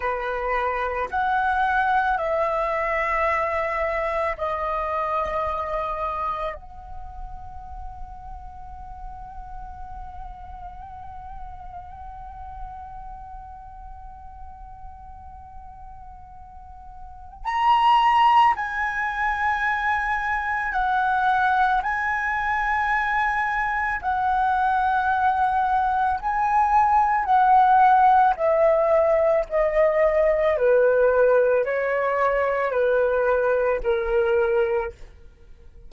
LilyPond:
\new Staff \with { instrumentName = "flute" } { \time 4/4 \tempo 4 = 55 b'4 fis''4 e''2 | dis''2 fis''2~ | fis''1~ | fis''1 |
ais''4 gis''2 fis''4 | gis''2 fis''2 | gis''4 fis''4 e''4 dis''4 | b'4 cis''4 b'4 ais'4 | }